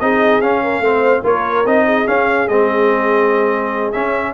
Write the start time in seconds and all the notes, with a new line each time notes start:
0.00 C4 D#4 G#4 D#5
0.41 C#4 F5
0.63 A#4
0.80 A3 C4 C5
1.24 A#3 F4 A#4 C#5
1.65 C4 D#4 D#5
1.86 G#4
2.06 C#4 F5
2.48 G#3 C4 D#5
3.92 C#4 E5